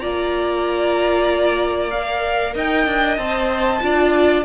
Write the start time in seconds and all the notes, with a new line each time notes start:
0.00 A#3 F4 D5 A#5
1.90 A#4 F5
2.55 D#4 D#5 G5
2.86 D4
3.17 C4 C5 A5
3.81 D4 F4 D5